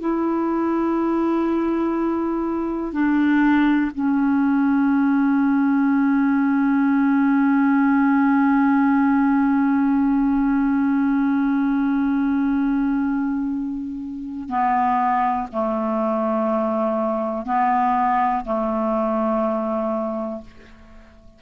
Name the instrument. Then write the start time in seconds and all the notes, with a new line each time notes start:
clarinet
0.00 E4
2.93 D4
3.95 C#4
14.49 B3
15.52 A3
17.46 B3
18.45 A3